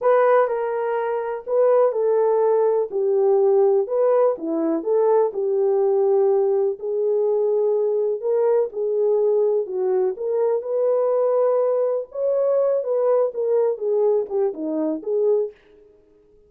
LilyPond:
\new Staff \with { instrumentName = "horn" } { \time 4/4 \tempo 4 = 124 b'4 ais'2 b'4 | a'2 g'2 | b'4 e'4 a'4 g'4~ | g'2 gis'2~ |
gis'4 ais'4 gis'2 | fis'4 ais'4 b'2~ | b'4 cis''4. b'4 ais'8~ | ais'8 gis'4 g'8 dis'4 gis'4 | }